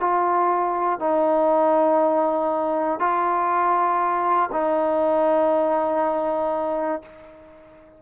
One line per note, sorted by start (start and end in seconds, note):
0.00 1.00 F4
1.00 2.99 D#4
2.99 4.49 F4
4.52 7.02 D#4